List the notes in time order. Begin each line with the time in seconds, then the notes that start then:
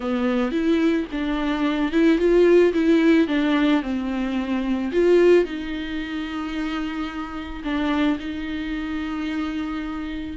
0.00 B3
0.51 E4
1.11 D4
1.91 E4
2.18 F4
2.73 E4
3.27 D4
3.82 C4
4.92 F4
5.44 D#4
7.64 D4
8.19 D#4